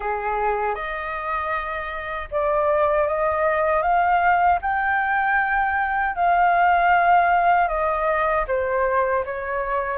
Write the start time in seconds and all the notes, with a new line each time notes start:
0.00 G#4
0.74 D#5
2.31 D5
3.07 D#5
3.82 F5
4.61 G5
6.15 F5
7.67 D#5
8.47 C5
9.25 C#5